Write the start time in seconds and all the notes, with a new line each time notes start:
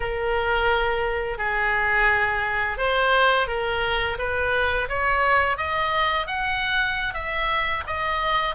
0.00 A#4
1.38 G#4
2.77 C5
3.47 A#4
4.18 B4
4.88 C#5
5.57 D#5
6.26 F#5
7.14 E5
7.86 D#5